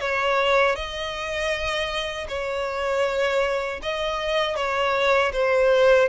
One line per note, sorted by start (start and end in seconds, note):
0.00 0.75 C#5
0.75 2.27 D#5
2.28 3.80 C#5
3.82 4.56 D#5
4.56 5.32 C#5
5.33 6.09 C5